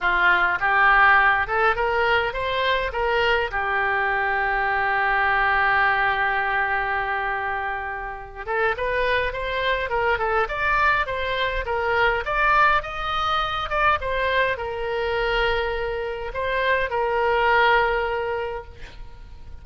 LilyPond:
\new Staff \with { instrumentName = "oboe" } { \time 4/4 \tempo 4 = 103 f'4 g'4. a'8 ais'4 | c''4 ais'4 g'2~ | g'1~ | g'2~ g'8 a'8 b'4 |
c''4 ais'8 a'8 d''4 c''4 | ais'4 d''4 dis''4. d''8 | c''4 ais'2. | c''4 ais'2. | }